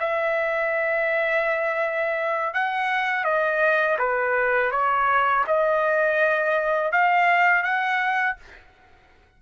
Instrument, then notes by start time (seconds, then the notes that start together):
trumpet
0.00 E5
2.54 F#5
3.25 D#5
3.99 B4
4.72 C#5
5.47 D#5
6.92 F5
7.63 F#5